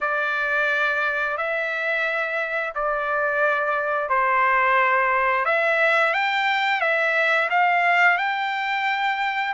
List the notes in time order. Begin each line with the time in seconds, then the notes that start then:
0.00 D5
1.37 E5
2.75 D5
4.09 C5
5.45 E5
6.13 G5
6.80 E5
7.50 F5
8.17 G5